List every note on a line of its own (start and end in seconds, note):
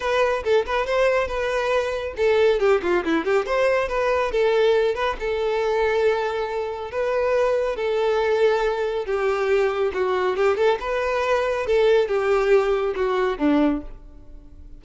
0.00 0.43 B4
0.44 0.65 A4
0.66 0.86 B4
0.86 1.27 C5
1.27 2.14 B4
2.17 2.59 A4
2.59 2.81 G4
2.82 3.04 F4
3.04 3.24 E4
3.24 3.46 G4
3.46 3.88 C5
3.88 4.31 B4
4.31 4.94 A4
4.94 5.16 B4
5.19 6.91 A4
6.91 7.76 B4
7.76 9.05 A4
9.05 9.91 G4
9.93 10.36 F#4
10.36 10.56 G4
10.56 10.78 A4
10.80 11.66 B4
11.66 12.07 A4
12.07 12.94 G4
12.95 13.38 F#4
13.38 13.81 D4